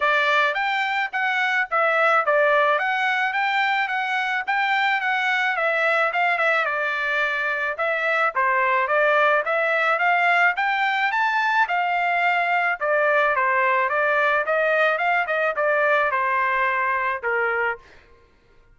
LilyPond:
\new Staff \with { instrumentName = "trumpet" } { \time 4/4 \tempo 4 = 108 d''4 g''4 fis''4 e''4 | d''4 fis''4 g''4 fis''4 | g''4 fis''4 e''4 f''8 e''8 | d''2 e''4 c''4 |
d''4 e''4 f''4 g''4 | a''4 f''2 d''4 | c''4 d''4 dis''4 f''8 dis''8 | d''4 c''2 ais'4 | }